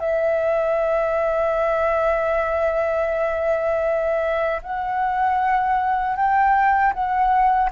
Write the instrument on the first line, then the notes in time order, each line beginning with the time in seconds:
flute
0.00 E5
4.63 F#5
6.16 G5
6.93 F#5